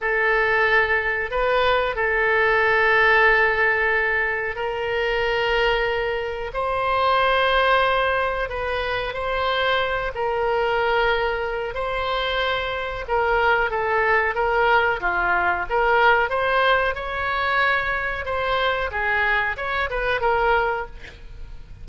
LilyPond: \new Staff \with { instrumentName = "oboe" } { \time 4/4 \tempo 4 = 92 a'2 b'4 a'4~ | a'2. ais'4~ | ais'2 c''2~ | c''4 b'4 c''4. ais'8~ |
ais'2 c''2 | ais'4 a'4 ais'4 f'4 | ais'4 c''4 cis''2 | c''4 gis'4 cis''8 b'8 ais'4 | }